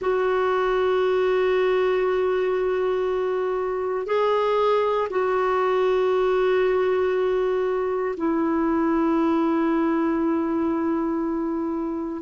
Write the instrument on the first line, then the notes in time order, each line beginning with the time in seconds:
clarinet
0.01 F#4
4.06 G#4
5.10 F#4
8.16 E4